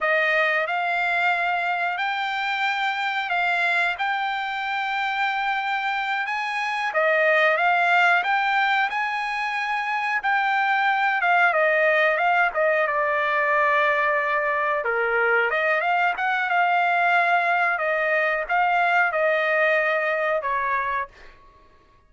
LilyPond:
\new Staff \with { instrumentName = "trumpet" } { \time 4/4 \tempo 4 = 91 dis''4 f''2 g''4~ | g''4 f''4 g''2~ | g''4. gis''4 dis''4 f''8~ | f''8 g''4 gis''2 g''8~ |
g''4 f''8 dis''4 f''8 dis''8 d''8~ | d''2~ d''8 ais'4 dis''8 | f''8 fis''8 f''2 dis''4 | f''4 dis''2 cis''4 | }